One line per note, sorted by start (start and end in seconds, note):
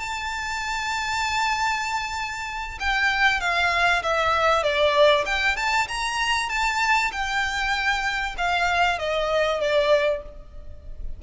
0.00 2.78 A5
2.79 3.40 G5
3.40 4.02 F5
4.03 4.63 E5
4.63 5.25 D5
5.25 5.56 G5
5.56 5.87 A5
5.88 6.49 A#5
6.49 7.11 A5
7.12 8.36 G5
8.38 8.99 F5
8.99 9.60 D#5
9.60 10.22 D5